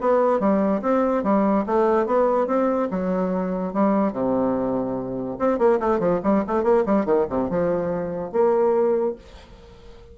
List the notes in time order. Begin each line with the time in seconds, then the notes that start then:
0.00 B3
0.39 G3
0.81 C4
1.23 G3
1.66 A3
2.06 B3
2.47 C4
2.90 F#3
3.73 G3
4.12 C3
5.38 C4
5.58 A#3
5.80 A3
5.99 F3
6.23 G3
6.47 A3
6.63 A#3
6.86 G3
7.05 D#3
7.29 C3
7.49 F3
8.32 A#3